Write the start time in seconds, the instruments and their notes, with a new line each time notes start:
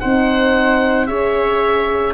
0.00 tuba C4, horn D#4, viola C5, oboe F#5
1.07 tuba C#4, horn G#4, viola C#5, oboe E5